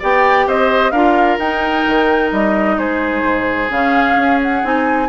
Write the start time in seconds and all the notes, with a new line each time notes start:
0.00 B3 G4 D5 G5
0.47 C4 C5 D#5
0.92 D4 F4 A#4 F5
1.38 D#4 G5
1.87 D#3
2.32 G3 D#5
2.78 G#3 G#4 C5
3.23 G#2
3.70 C#3 C#4 F5
4.17 C#4
4.43 F#5
4.63 C4 D#4 G#5